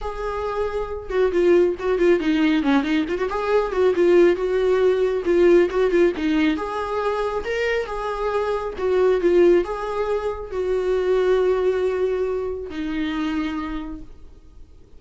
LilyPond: \new Staff \with { instrumentName = "viola" } { \time 4/4 \tempo 4 = 137 gis'2~ gis'8 fis'8 f'4 | fis'8 f'8 dis'4 cis'8 dis'8 f'16 fis'16 gis'8~ | gis'8 fis'8 f'4 fis'2 | f'4 fis'8 f'8 dis'4 gis'4~ |
gis'4 ais'4 gis'2 | fis'4 f'4 gis'2 | fis'1~ | fis'4 dis'2. | }